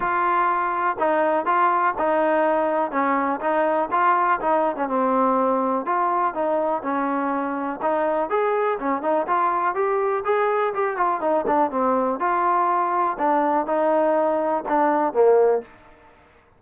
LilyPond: \new Staff \with { instrumentName = "trombone" } { \time 4/4 \tempo 4 = 123 f'2 dis'4 f'4 | dis'2 cis'4 dis'4 | f'4 dis'8. cis'16 c'2 | f'4 dis'4 cis'2 |
dis'4 gis'4 cis'8 dis'8 f'4 | g'4 gis'4 g'8 f'8 dis'8 d'8 | c'4 f'2 d'4 | dis'2 d'4 ais4 | }